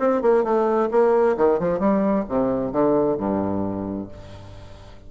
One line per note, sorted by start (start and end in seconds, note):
0.00 0.22 C4
0.22 0.44 A#3
0.44 0.90 A3
0.92 1.37 A#3
1.38 1.60 D#3
1.60 1.80 F3
1.80 2.25 G3
2.29 2.73 C3
2.73 3.18 D3
3.18 4.09 G2